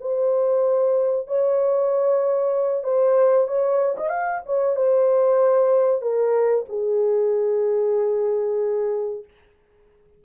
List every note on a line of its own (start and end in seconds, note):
0.00 1.27 C5
1.27 2.83 C#5
2.83 3.47 C5
3.47 3.95 C#5
3.97 4.09 D#5
4.09 4.41 F5
4.45 4.76 C#5
4.76 6.01 C5
6.01 6.65 A#4
6.69 9.24 G#4